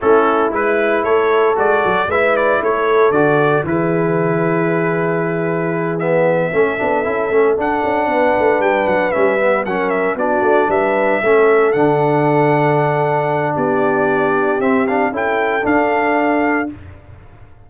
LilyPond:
<<
  \new Staff \with { instrumentName = "trumpet" } { \time 4/4 \tempo 4 = 115 a'4 b'4 cis''4 d''4 | e''8 d''8 cis''4 d''4 b'4~ | b'2.~ b'8 e''8~ | e''2~ e''8 fis''4.~ |
fis''8 g''8 fis''8 e''4 fis''8 e''8 d''8~ | d''8 e''2 fis''4.~ | fis''2 d''2 | e''8 f''8 g''4 f''2 | }
  \new Staff \with { instrumentName = "horn" } { \time 4/4 e'2 a'2 | b'4 a'2 gis'4~ | gis'1~ | gis'8 a'2. b'8~ |
b'2~ b'8 ais'4 fis'8~ | fis'8 b'4 a'2~ a'8~ | a'2 g'2~ | g'4 a'2. | }
  \new Staff \with { instrumentName = "trombone" } { \time 4/4 cis'4 e'2 fis'4 | e'2 fis'4 e'4~ | e'2.~ e'8 b8~ | b8 cis'8 d'8 e'8 cis'8 d'4.~ |
d'4. cis'8 b8 cis'4 d'8~ | d'4. cis'4 d'4.~ | d'1 | c'8 d'8 e'4 d'2 | }
  \new Staff \with { instrumentName = "tuba" } { \time 4/4 a4 gis4 a4 gis8 fis8 | gis4 a4 d4 e4~ | e1~ | e8 a8 b8 cis'8 a8 d'8 cis'8 b8 |
a8 g8 fis8 g4 fis4 b8 | a8 g4 a4 d4.~ | d2 b2 | c'4 cis'4 d'2 | }
>>